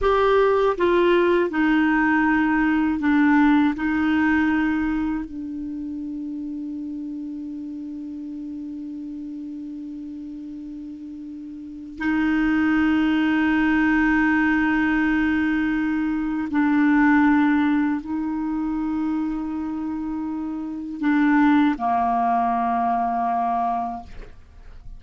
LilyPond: \new Staff \with { instrumentName = "clarinet" } { \time 4/4 \tempo 4 = 80 g'4 f'4 dis'2 | d'4 dis'2 d'4~ | d'1~ | d'1 |
dis'1~ | dis'2 d'2 | dis'1 | d'4 ais2. | }